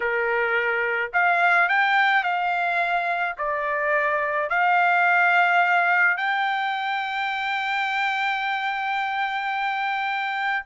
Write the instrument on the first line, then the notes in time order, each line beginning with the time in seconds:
trumpet
0.00 A#4
1.13 F5
1.68 G5
2.23 F5
3.37 D5
4.49 F5
6.17 G5